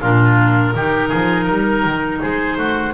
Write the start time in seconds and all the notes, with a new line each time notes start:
0.00 A#2 D4 F4 A#4
0.74 D#3 D#4 G4
1.08 F3 G#4
1.45 G3 A#4
1.84 D#3
2.21 G#3 G#4 C5
2.56 A3 F#4